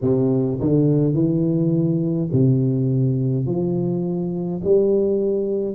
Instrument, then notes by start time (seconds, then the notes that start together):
tuba
0.01 C3
0.60 D3
1.13 E3
2.32 C3
3.46 F3
4.64 G3